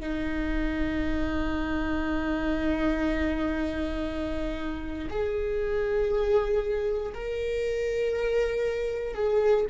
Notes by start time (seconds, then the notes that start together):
0.00 D#4
5.09 G#4
7.14 A#4
9.14 G#4